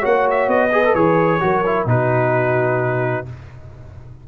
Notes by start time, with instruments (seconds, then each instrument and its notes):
0.00 tuba A#3, trombone F#4, horn C#5, trumpet F#5
0.31 trumpet E5
0.48 tuba B3, trumpet D#5
0.72 trombone G#4, horn B4
0.85 trombone A4
0.95 tuba E3, trombone G#4, trumpet C#5
1.41 tuba F#3, trombone F#4, horn A#4
1.66 trombone E4
1.86 tuba B2, trombone D#4, horn F#4, trumpet B4